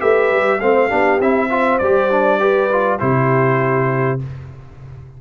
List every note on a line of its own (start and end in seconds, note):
0.00 0.31 A3
0.00 0.60 G4
0.00 0.60 B4
0.00 0.61 E5
0.31 0.61 G3
0.61 0.91 A3
0.61 0.90 C4
0.61 0.89 C5
0.61 1.21 F5
0.89 1.20 B3
0.89 1.20 D4
0.89 1.49 G4
1.20 1.80 C4
1.20 1.50 E4
1.20 1.79 E5
1.50 1.80 F4
1.50 2.41 C5
1.79 3.01 G3
1.79 2.11 G4
1.79 2.99 D5
2.11 2.40 D4
2.40 2.70 G4
2.40 3.00 B4
2.73 3.00 F4
3.00 4.22 C3
3.00 4.20 E4
3.00 4.21 G4
3.00 4.20 C5